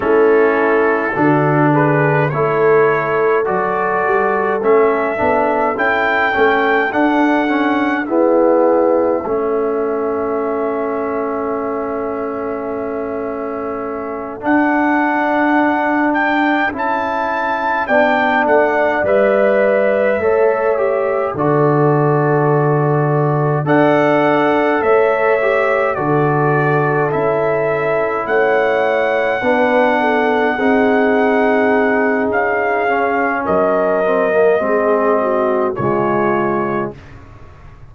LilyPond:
<<
  \new Staff \with { instrumentName = "trumpet" } { \time 4/4 \tempo 4 = 52 a'4. b'8 cis''4 d''4 | e''4 g''4 fis''4 e''4~ | e''1~ | e''8 fis''4. g''8 a''4 g''8 |
fis''8 e''2 d''4.~ | d''8 fis''4 e''4 d''4 e''8~ | e''8 fis''2.~ fis''8 | f''4 dis''2 cis''4 | }
  \new Staff \with { instrumentName = "horn" } { \time 4/4 e'4 fis'8 gis'8 a'2~ | a'2. gis'4 | a'1~ | a'2.~ a'8 d''8~ |
d''4. cis''4 a'4.~ | a'8 d''4 cis''4 a'4.~ | a'8 cis''4 b'8 a'8 gis'4.~ | gis'4 ais'4 gis'8 fis'8 f'4 | }
  \new Staff \with { instrumentName = "trombone" } { \time 4/4 cis'4 d'4 e'4 fis'4 | cis'8 d'8 e'8 cis'8 d'8 cis'8 b4 | cis'1~ | cis'8 d'2 e'4 d'8~ |
d'8 b'4 a'8 g'8 fis'4.~ | fis'8 a'4. g'8 fis'4 e'8~ | e'4. d'4 dis'4.~ | dis'8 cis'4 c'16 ais16 c'4 gis4 | }
  \new Staff \with { instrumentName = "tuba" } { \time 4/4 a4 d4 a4 fis8 g8 | a8 b8 cis'8 a8 d'4 e'4 | a1~ | a8 d'2 cis'4 b8 |
a8 g4 a4 d4.~ | d8 d'4 a4 d4 cis'8~ | cis'8 a4 b4 c'4. | cis'4 fis4 gis4 cis4 | }
>>